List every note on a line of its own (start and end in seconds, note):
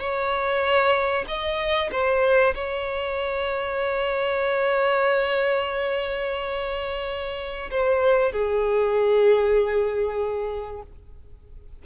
0.00 1.25 C#5
1.28 1.90 D#5
1.92 2.54 C5
2.55 7.70 C#5
7.71 8.32 C5
8.32 10.82 G#4